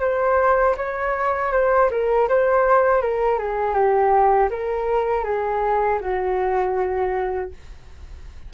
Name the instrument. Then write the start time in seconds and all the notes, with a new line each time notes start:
flute
0.00 C5
0.77 C#5
1.52 C5
1.91 A#4
2.28 C5
3.01 A#4
3.38 G#4
3.74 G4
4.50 A#4
5.24 G#4
6.00 F#4